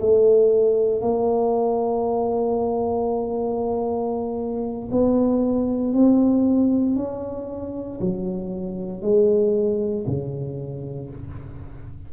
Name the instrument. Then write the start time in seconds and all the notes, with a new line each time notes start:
tuba
0.00 A3
1.02 A#3
4.92 B3
5.94 C4
6.96 C#4
8.01 F#3
9.02 G#3
10.07 C#3